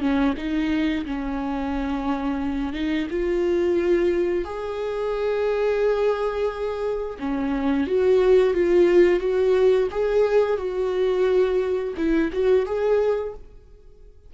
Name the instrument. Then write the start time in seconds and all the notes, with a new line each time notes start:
viola
0.00 C#4
0.37 D#4
1.05 C#4
2.73 D#4
3.10 F4
4.44 G#4
7.19 C#4
7.87 F#4
8.54 F4
9.20 F#4
9.91 G#4
10.57 F#4
11.97 E4
12.33 F#4
12.66 G#4